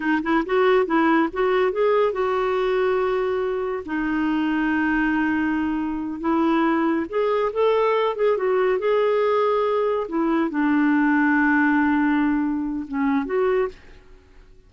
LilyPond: \new Staff \with { instrumentName = "clarinet" } { \time 4/4 \tempo 4 = 140 dis'8 e'8 fis'4 e'4 fis'4 | gis'4 fis'2.~ | fis'4 dis'2.~ | dis'2~ dis'8 e'4.~ |
e'8 gis'4 a'4. gis'8 fis'8~ | fis'8 gis'2. e'8~ | e'8 d'2.~ d'8~ | d'2 cis'4 fis'4 | }